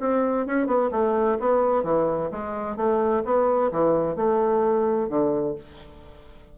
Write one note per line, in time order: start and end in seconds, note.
0.00 0.47 C4
0.47 0.67 C#4
0.67 0.90 B3
0.92 1.38 A3
1.40 1.84 B3
1.84 2.30 E3
2.31 2.77 G#3
2.77 3.23 A3
3.25 3.71 B3
3.72 4.16 E3
4.16 5.09 A3
5.09 5.55 D3